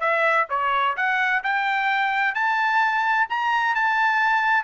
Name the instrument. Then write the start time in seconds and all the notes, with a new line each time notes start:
trumpet
0.00 E5
0.49 C#5
0.96 F#5
1.43 G5
2.34 A5
3.29 A#5
3.75 A5